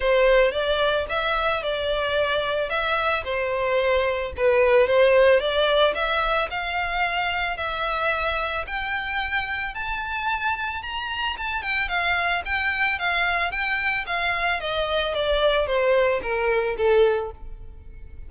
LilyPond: \new Staff \with { instrumentName = "violin" } { \time 4/4 \tempo 4 = 111 c''4 d''4 e''4 d''4~ | d''4 e''4 c''2 | b'4 c''4 d''4 e''4 | f''2 e''2 |
g''2 a''2 | ais''4 a''8 g''8 f''4 g''4 | f''4 g''4 f''4 dis''4 | d''4 c''4 ais'4 a'4 | }